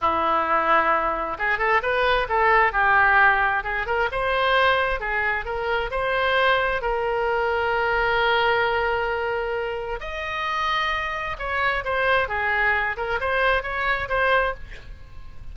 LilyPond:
\new Staff \with { instrumentName = "oboe" } { \time 4/4 \tempo 4 = 132 e'2. gis'8 a'8 | b'4 a'4 g'2 | gis'8 ais'8 c''2 gis'4 | ais'4 c''2 ais'4~ |
ais'1~ | ais'2 dis''2~ | dis''4 cis''4 c''4 gis'4~ | gis'8 ais'8 c''4 cis''4 c''4 | }